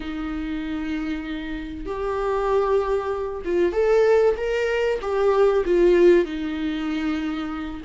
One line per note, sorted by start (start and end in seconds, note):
0.00 1.86 D#4
1.86 3.42 G4
3.45 3.72 F4
3.72 4.35 A4
4.36 4.99 A#4
5.01 5.64 G4
5.65 6.25 F4
6.25 7.81 D#4